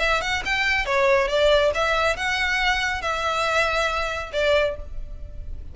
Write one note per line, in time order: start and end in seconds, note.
0.00 0.22 E5
0.22 0.43 F#5
0.46 0.86 G5
0.86 1.28 C#5
1.28 1.71 D5
1.75 2.17 E5
2.17 3.02 F#5
3.02 4.31 E5
4.33 4.76 D5